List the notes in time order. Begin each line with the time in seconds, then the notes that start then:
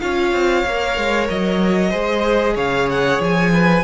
0.00 C#4 F4 C#5 F5
0.32 C4
0.66 A#3 A#4
0.98 G#3
1.30 F#3 D#5
1.90 G#3 G#4 C5
2.55 C#3 C#5 F5
2.90 F#5
3.20 F3 G#5
3.53 B4